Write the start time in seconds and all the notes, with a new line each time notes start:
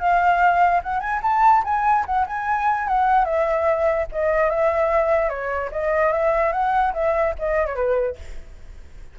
0.00 F5
0.83 F#5
1.00 G#5
1.23 A5
1.64 G#5
2.06 F#5
2.27 G#5
2.88 F#5
3.25 E5
4.12 D#5
4.51 E5
5.30 C#5
5.72 D#5
6.13 E5
6.53 F#5
6.94 E5
7.39 D#5
7.66 C#5
7.75 B4